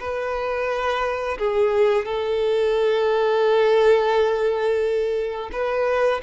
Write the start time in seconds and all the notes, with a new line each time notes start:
0.00 B4
1.39 G#4
2.05 A4
5.52 B4